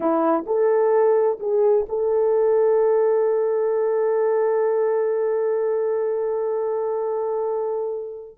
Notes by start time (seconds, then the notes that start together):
0.00 E4
0.46 A4
1.39 G#4
1.89 A4